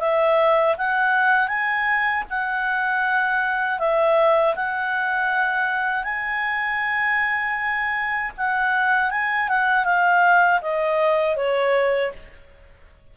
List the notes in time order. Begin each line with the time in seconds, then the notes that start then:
0.00 E5
0.78 F#5
1.48 G#5
2.30 F#5
3.79 E5
4.56 F#5
6.04 G#5
8.38 F#5
9.11 G#5
9.49 F#5
9.85 F5
10.62 D#5
11.36 C#5